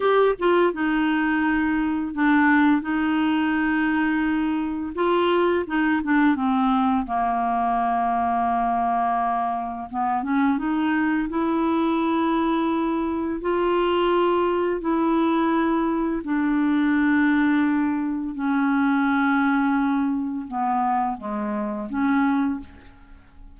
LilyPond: \new Staff \with { instrumentName = "clarinet" } { \time 4/4 \tempo 4 = 85 g'8 f'8 dis'2 d'4 | dis'2. f'4 | dis'8 d'8 c'4 ais2~ | ais2 b8 cis'8 dis'4 |
e'2. f'4~ | f'4 e'2 d'4~ | d'2 cis'2~ | cis'4 b4 gis4 cis'4 | }